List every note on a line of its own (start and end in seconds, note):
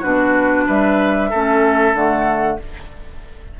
0.00 0.67 B2
0.00 1.30 D4
0.00 0.64 F#4
0.00 0.67 B4
0.66 1.32 G3
0.66 1.29 B4
0.66 1.95 E5
1.29 1.94 A3
1.29 1.95 C#4
1.29 2.57 A4
1.94 2.58 D3
1.94 2.59 A3
1.94 2.59 F#5